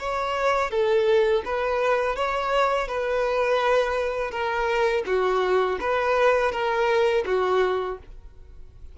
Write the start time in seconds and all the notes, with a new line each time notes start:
0.00 C#5
0.71 A4
1.46 B4
2.17 C#5
2.88 B4
4.31 A#4
5.07 F#4
5.81 B4
6.52 A#4
7.27 F#4